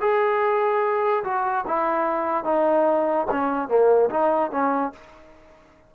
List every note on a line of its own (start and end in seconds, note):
0.00 1.23 G#4
1.23 1.65 F#4
1.67 2.44 E4
2.44 3.26 D#4
3.31 3.68 C#4
3.68 4.09 A#3
4.10 4.51 D#4
4.51 4.92 C#4